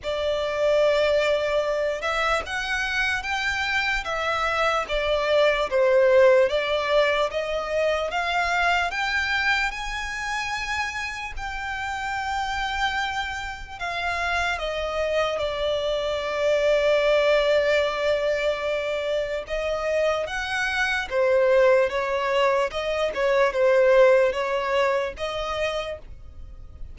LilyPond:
\new Staff \with { instrumentName = "violin" } { \time 4/4 \tempo 4 = 74 d''2~ d''8 e''8 fis''4 | g''4 e''4 d''4 c''4 | d''4 dis''4 f''4 g''4 | gis''2 g''2~ |
g''4 f''4 dis''4 d''4~ | d''1 | dis''4 fis''4 c''4 cis''4 | dis''8 cis''8 c''4 cis''4 dis''4 | }